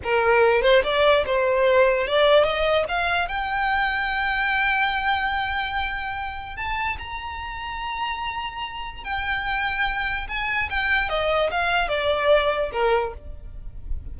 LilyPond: \new Staff \with { instrumentName = "violin" } { \time 4/4 \tempo 4 = 146 ais'4. c''8 d''4 c''4~ | c''4 d''4 dis''4 f''4 | g''1~ | g''1 |
a''4 ais''2.~ | ais''2 g''2~ | g''4 gis''4 g''4 dis''4 | f''4 d''2 ais'4 | }